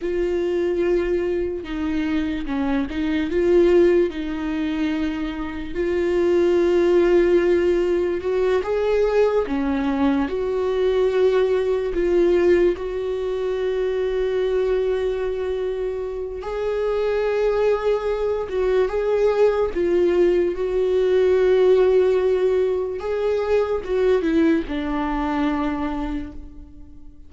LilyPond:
\new Staff \with { instrumentName = "viola" } { \time 4/4 \tempo 4 = 73 f'2 dis'4 cis'8 dis'8 | f'4 dis'2 f'4~ | f'2 fis'8 gis'4 cis'8~ | cis'8 fis'2 f'4 fis'8~ |
fis'1 | gis'2~ gis'8 fis'8 gis'4 | f'4 fis'2. | gis'4 fis'8 e'8 d'2 | }